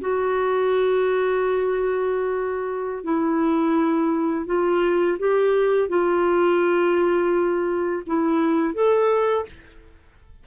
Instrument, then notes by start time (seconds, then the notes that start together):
clarinet
0.00 F#4
3.03 E4
4.46 F4
5.19 G4
5.88 F4
8.06 E4
8.74 A4